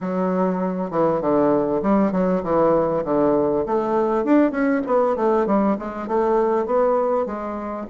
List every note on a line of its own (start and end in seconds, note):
0.00 0.90 F#3
0.90 1.21 E3
1.21 1.81 D3
1.82 2.12 G3
2.12 2.42 F#3
2.43 3.03 E3
3.04 3.65 D3
3.65 4.24 A3
4.24 4.51 D4
4.51 4.81 C#4
4.86 5.16 B3
5.16 5.46 A3
5.46 5.76 G3
5.78 6.07 G#3
6.07 6.66 A3
6.66 7.26 B3
7.26 7.86 G#3